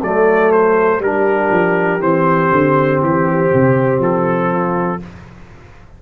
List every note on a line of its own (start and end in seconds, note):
0.00 0.99 F#3
0.00 1.02 A3
0.00 1.00 A4
0.00 0.51 D5
0.51 1.01 C5
0.99 1.49 G3
0.99 2.00 D4
0.99 4.50 G4
0.99 2.02 A#4
1.51 2.00 F3
2.00 2.50 E3
2.00 5.00 C4
2.00 3.02 C5
2.51 3.01 D3
3.01 3.51 E3
3.01 4.02 G4
3.54 3.99 C3
3.99 4.99 F3
3.99 5.02 A4
4.50 5.00 F4